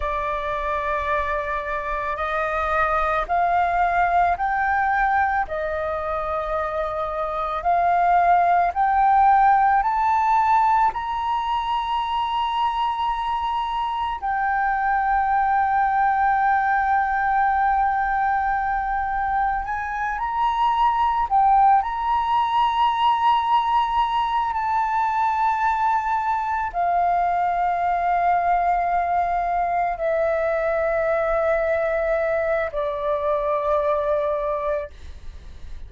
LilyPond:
\new Staff \with { instrumentName = "flute" } { \time 4/4 \tempo 4 = 55 d''2 dis''4 f''4 | g''4 dis''2 f''4 | g''4 a''4 ais''2~ | ais''4 g''2.~ |
g''2 gis''8 ais''4 g''8 | ais''2~ ais''8 a''4.~ | a''8 f''2. e''8~ | e''2 d''2 | }